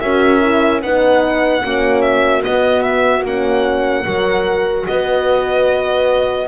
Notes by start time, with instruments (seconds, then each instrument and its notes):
0.00 double bass C#4, horn F#4 A#4, violin E5
0.41 horn E4
0.83 double bass B3, horn D#4 B4, violin F#5
1.62 double bass A#3, horn C#4 F#4
2.02 violin E5
2.42 horn B3, double bass B3, violin D#5
2.82 violin E5
3.24 double bass A#3, horn C#4, violin F#5
4.04 double bass F#3, horn F#4 A#4
4.87 double bass B3, horn B4, violin D#5